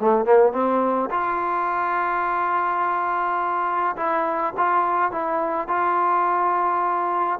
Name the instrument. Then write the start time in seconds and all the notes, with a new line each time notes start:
trombone
0.00 A3
0.25 A#3
0.52 C4
1.10 F4
3.96 E4
4.57 F4
5.11 E4
5.68 F4